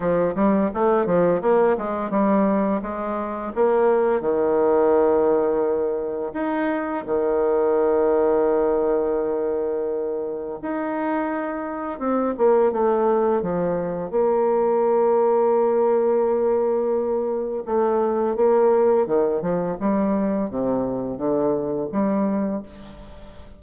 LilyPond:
\new Staff \with { instrumentName = "bassoon" } { \time 4/4 \tempo 4 = 85 f8 g8 a8 f8 ais8 gis8 g4 | gis4 ais4 dis2~ | dis4 dis'4 dis2~ | dis2. dis'4~ |
dis'4 c'8 ais8 a4 f4 | ais1~ | ais4 a4 ais4 dis8 f8 | g4 c4 d4 g4 | }